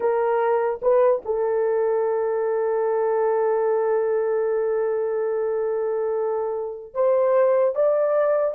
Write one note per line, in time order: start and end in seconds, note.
0.00 0.80 A#4
0.81 1.22 B4
1.25 6.94 A4
6.94 7.75 C5
7.75 8.54 D5